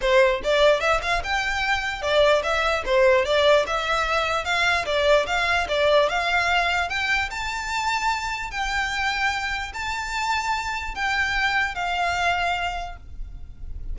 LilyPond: \new Staff \with { instrumentName = "violin" } { \time 4/4 \tempo 4 = 148 c''4 d''4 e''8 f''8 g''4~ | g''4 d''4 e''4 c''4 | d''4 e''2 f''4 | d''4 f''4 d''4 f''4~ |
f''4 g''4 a''2~ | a''4 g''2. | a''2. g''4~ | g''4 f''2. | }